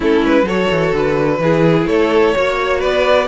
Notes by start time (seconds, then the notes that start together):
0.00 A3 C#4 E4 A4
0.24 G#3 B4
0.43 F#3 F#4 A4 C#5
0.70 E3
0.92 D3 B4
1.39 E3 E4 G#4
1.86 A3 A4 C#5
2.34 A#3 F#4 C#5
2.78 B3 B4 D5